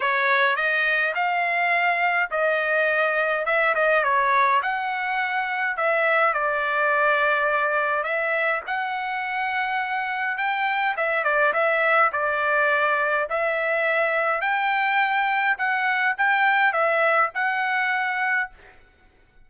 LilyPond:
\new Staff \with { instrumentName = "trumpet" } { \time 4/4 \tempo 4 = 104 cis''4 dis''4 f''2 | dis''2 e''8 dis''8 cis''4 | fis''2 e''4 d''4~ | d''2 e''4 fis''4~ |
fis''2 g''4 e''8 d''8 | e''4 d''2 e''4~ | e''4 g''2 fis''4 | g''4 e''4 fis''2 | }